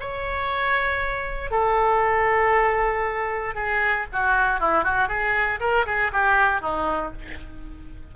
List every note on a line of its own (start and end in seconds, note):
0.00 1.51 C#5
1.51 3.55 A4
3.55 4.06 G#4
4.12 4.60 F#4
4.60 4.84 E4
4.84 5.08 F#4
5.08 5.60 G#4
5.60 5.86 A#4
5.86 6.12 G#4
6.13 6.61 G4
6.61 7.13 D#4